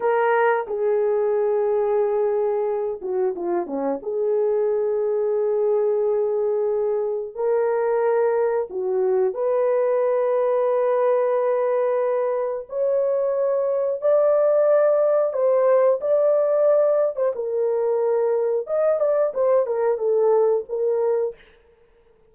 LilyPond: \new Staff \with { instrumentName = "horn" } { \time 4/4 \tempo 4 = 90 ais'4 gis'2.~ | gis'8 fis'8 f'8 cis'8 gis'2~ | gis'2. ais'4~ | ais'4 fis'4 b'2~ |
b'2. cis''4~ | cis''4 d''2 c''4 | d''4.~ d''16 c''16 ais'2 | dis''8 d''8 c''8 ais'8 a'4 ais'4 | }